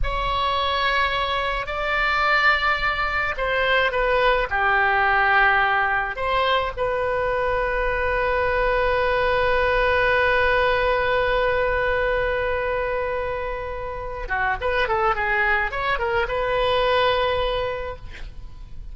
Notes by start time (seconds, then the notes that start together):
0.03 C#5
1.66 D5
3.37 C5
3.91 B4
4.50 G4
6.16 C5
6.76 B4
14.28 F#4
14.60 B4
14.88 A4
15.15 G#4
15.71 C#5
15.98 A#4
16.27 B4